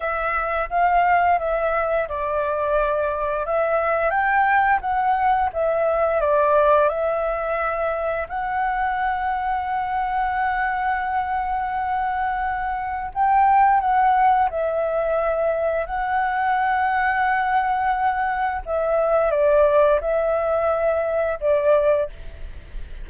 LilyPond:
\new Staff \with { instrumentName = "flute" } { \time 4/4 \tempo 4 = 87 e''4 f''4 e''4 d''4~ | d''4 e''4 g''4 fis''4 | e''4 d''4 e''2 | fis''1~ |
fis''2. g''4 | fis''4 e''2 fis''4~ | fis''2. e''4 | d''4 e''2 d''4 | }